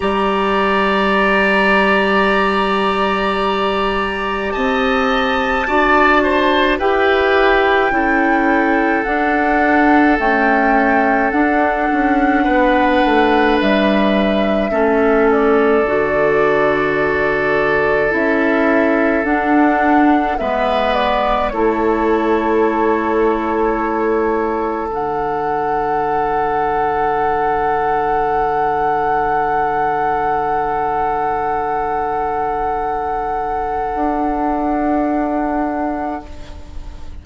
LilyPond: <<
  \new Staff \with { instrumentName = "flute" } { \time 4/4 \tempo 4 = 53 ais''1 | a''2 g''2 | fis''4 g''4 fis''2 | e''4. d''2~ d''8 |
e''4 fis''4 e''8 d''8 cis''4~ | cis''2 fis''2~ | fis''1~ | fis''1 | }
  \new Staff \with { instrumentName = "oboe" } { \time 4/4 d''1 | dis''4 d''8 c''8 b'4 a'4~ | a'2. b'4~ | b'4 a'2.~ |
a'2 b'4 a'4~ | a'1~ | a'1~ | a'1 | }
  \new Staff \with { instrumentName = "clarinet" } { \time 4/4 g'1~ | g'4 fis'4 g'4 e'4 | d'4 a4 d'2~ | d'4 cis'4 fis'2 |
e'4 d'4 b4 e'4~ | e'2 d'2~ | d'1~ | d'1 | }
  \new Staff \with { instrumentName = "bassoon" } { \time 4/4 g1 | c'4 d'4 e'4 cis'4 | d'4 cis'4 d'8 cis'8 b8 a8 | g4 a4 d2 |
cis'4 d'4 gis4 a4~ | a2 d2~ | d1~ | d2 d'2 | }
>>